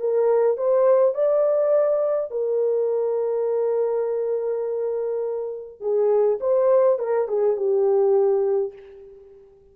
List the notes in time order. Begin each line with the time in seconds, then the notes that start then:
0.00 A#4
0.57 C5
1.14 D5
2.31 A#4
5.80 G#4
6.41 C5
6.99 A#4
7.28 G#4
7.56 G4